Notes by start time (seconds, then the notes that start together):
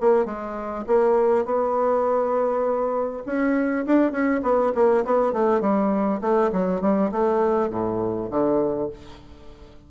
0.00 A#3
0.25 G#3
0.87 A#3
1.45 B3
3.26 C#4
3.86 D4
4.11 C#4
4.43 B3
4.74 A#3
5.05 B3
5.33 A3
5.61 G3
6.21 A3
6.52 F#3
6.81 G3
7.12 A3
7.70 A2
8.30 D3